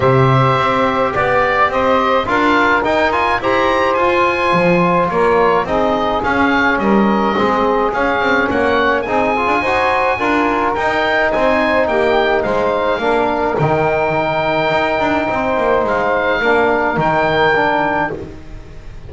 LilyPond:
<<
  \new Staff \with { instrumentName = "oboe" } { \time 4/4 \tempo 4 = 106 e''2 d''4 dis''4 | f''4 g''8 gis''8 ais''4 gis''4~ | gis''4 cis''4 dis''4 f''4 | dis''2 f''4 fis''4 |
gis''2. g''4 | gis''4 g''4 f''2 | g''1 | f''2 g''2 | }
  \new Staff \with { instrumentName = "saxophone" } { \time 4/4 c''2 d''4 c''4 | ais'2 c''2~ | c''4 ais'4 gis'2 | ais'4 gis'2 cis''4 |
gis'4 c''4 ais'2 | c''4 g'4 c''4 ais'4~ | ais'2. c''4~ | c''4 ais'2. | }
  \new Staff \with { instrumentName = "trombone" } { \time 4/4 g'1 | f'4 dis'8 f'8 g'4 f'4~ | f'2 dis'4 cis'4~ | cis'4 c'4 cis'2 |
dis'8 f'8 fis'4 f'4 dis'4~ | dis'2. d'4 | dis'1~ | dis'4 d'4 dis'4 d'4 | }
  \new Staff \with { instrumentName = "double bass" } { \time 4/4 c4 c'4 b4 c'4 | d'4 dis'4 e'4 f'4 | f4 ais4 c'4 cis'4 | g4 gis4 cis'8 c'8 ais4 |
c'8. d'16 dis'4 d'4 dis'4 | c'4 ais4 gis4 ais4 | dis2 dis'8 d'8 c'8 ais8 | gis4 ais4 dis2 | }
>>